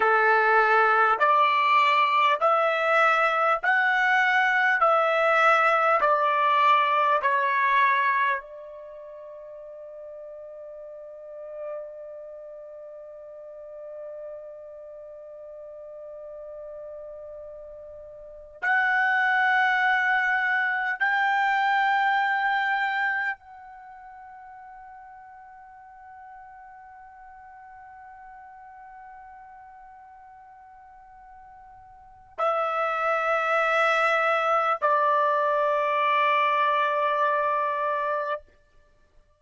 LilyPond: \new Staff \with { instrumentName = "trumpet" } { \time 4/4 \tempo 4 = 50 a'4 d''4 e''4 fis''4 | e''4 d''4 cis''4 d''4~ | d''1~ | d''2.~ d''8 fis''8~ |
fis''4. g''2 fis''8~ | fis''1~ | fis''2. e''4~ | e''4 d''2. | }